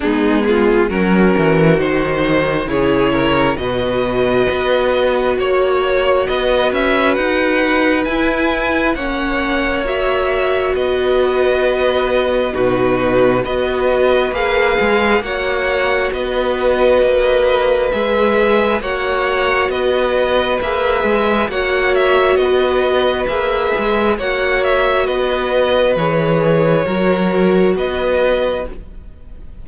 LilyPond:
<<
  \new Staff \with { instrumentName = "violin" } { \time 4/4 \tempo 4 = 67 gis'4 ais'4 c''4 cis''4 | dis''2 cis''4 dis''8 e''8 | fis''4 gis''4 fis''4 e''4 | dis''2 b'4 dis''4 |
f''4 fis''4 dis''2 | e''4 fis''4 dis''4 e''4 | fis''8 e''8 dis''4 e''4 fis''8 e''8 | dis''4 cis''2 dis''4 | }
  \new Staff \with { instrumentName = "violin" } { \time 4/4 dis'8 f'8 fis'2 gis'8 ais'8 | b'2 cis''4 b'4~ | b'2 cis''2 | b'2 fis'4 b'4~ |
b'4 cis''4 b'2~ | b'4 cis''4 b'2 | cis''4 b'2 cis''4 | b'2 ais'4 b'4 | }
  \new Staff \with { instrumentName = "viola" } { \time 4/4 b4 cis'4 dis'4 e'4 | fis'1~ | fis'4 e'4 cis'4 fis'4~ | fis'2 dis'4 fis'4 |
gis'4 fis'2. | gis'4 fis'2 gis'4 | fis'2 gis'4 fis'4~ | fis'4 gis'4 fis'2 | }
  \new Staff \with { instrumentName = "cello" } { \time 4/4 gis4 fis8 e8 dis4 cis4 | b,4 b4 ais4 b8 cis'8 | dis'4 e'4 ais2 | b2 b,4 b4 |
ais8 gis8 ais4 b4 ais4 | gis4 ais4 b4 ais8 gis8 | ais4 b4 ais8 gis8 ais4 | b4 e4 fis4 b4 | }
>>